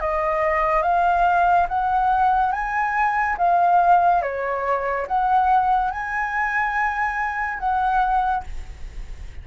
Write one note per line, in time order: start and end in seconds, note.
0.00 0.82 D#5
0.82 1.67 F5
1.69 2.52 F#5
2.52 3.36 G#5
3.38 4.22 F5
4.22 5.07 C#5
5.07 5.91 F#5
5.91 7.59 G#5
7.59 8.44 F#5